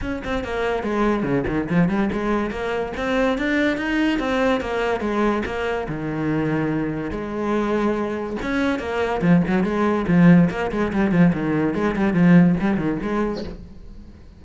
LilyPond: \new Staff \with { instrumentName = "cello" } { \time 4/4 \tempo 4 = 143 cis'8 c'8 ais4 gis4 cis8 dis8 | f8 g8 gis4 ais4 c'4 | d'4 dis'4 c'4 ais4 | gis4 ais4 dis2~ |
dis4 gis2. | cis'4 ais4 f8 fis8 gis4 | f4 ais8 gis8 g8 f8 dis4 | gis8 g8 f4 g8 dis8 gis4 | }